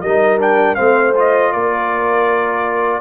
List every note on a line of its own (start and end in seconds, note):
0.00 0.77 G3
0.00 0.39 D#4
0.00 0.77 A#4
0.00 0.38 D#5
0.39 0.76 D4
0.39 0.75 G5
0.75 1.53 A3
0.75 1.13 C4
0.75 1.52 C5
0.75 1.12 F5
1.15 3.00 F4
1.15 1.52 D#5
1.52 3.00 A#3
1.52 3.00 A#4
1.52 3.00 D5